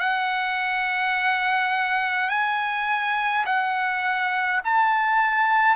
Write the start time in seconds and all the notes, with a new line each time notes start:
0.00 F#5
2.30 G#5
3.46 F#5
4.65 A5